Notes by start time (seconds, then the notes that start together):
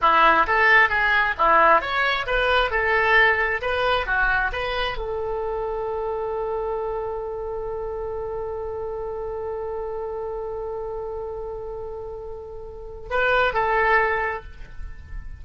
0.01 E4
0.46 A4
0.89 G#4
1.38 E4
1.81 C#5
2.26 B4
2.70 A4
3.61 B4
4.06 F#4
4.52 B4
4.97 A4
13.10 B4
13.53 A4